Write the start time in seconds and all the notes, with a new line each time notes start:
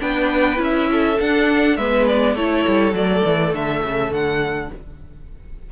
0.00 B3 D4 B4 G5
0.57 C#4 E4
0.64 E5
0.92 A4
1.21 D4 F#5
1.77 G#3 B3 B4 E5
2.08 D5
2.35 A3 E4 A4 C#5
2.68 G3
2.93 F#3 A3 D5
3.25 E3
3.54 D3 E5
3.84 C#3
4.12 D3 F#5